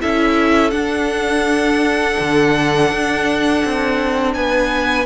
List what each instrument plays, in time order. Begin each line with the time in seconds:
0.00 cello C#4, viola E4, violin A4 E5
0.70 viola D4, cello D4, violin F#5
2.19 cello D3
2.91 cello D4
3.64 cello C4
4.34 cello B3, violin B4 G#5